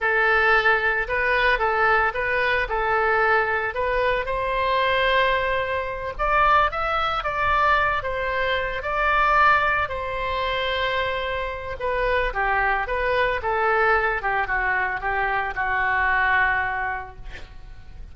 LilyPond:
\new Staff \with { instrumentName = "oboe" } { \time 4/4 \tempo 4 = 112 a'2 b'4 a'4 | b'4 a'2 b'4 | c''2.~ c''8 d''8~ | d''8 e''4 d''4. c''4~ |
c''8 d''2 c''4.~ | c''2 b'4 g'4 | b'4 a'4. g'8 fis'4 | g'4 fis'2. | }